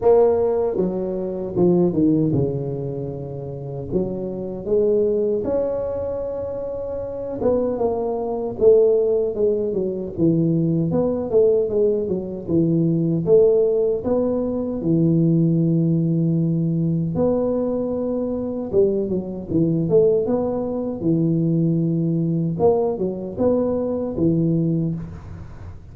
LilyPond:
\new Staff \with { instrumentName = "tuba" } { \time 4/4 \tempo 4 = 77 ais4 fis4 f8 dis8 cis4~ | cis4 fis4 gis4 cis'4~ | cis'4. b8 ais4 a4 | gis8 fis8 e4 b8 a8 gis8 fis8 |
e4 a4 b4 e4~ | e2 b2 | g8 fis8 e8 a8 b4 e4~ | e4 ais8 fis8 b4 e4 | }